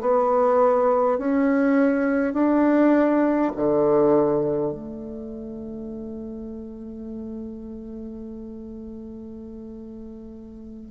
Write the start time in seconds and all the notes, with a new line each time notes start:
0.00 B3
1.18 C#4
2.33 D4
3.56 D3
4.72 A3